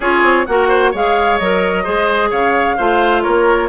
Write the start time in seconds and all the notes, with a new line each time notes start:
0.00 C#4 F4 G#4 C#5
0.22 C4
0.46 A#3 F#4 A#4 F#5
0.68 C5
0.91 G#3 G#4 C#5 F5
1.38 F#3 A#4 D#5
1.83 G#3 G#4 C5
2.30 C#3 C#5 F5
2.77 A3 F4 C5
3.22 A#3 A#4 C#5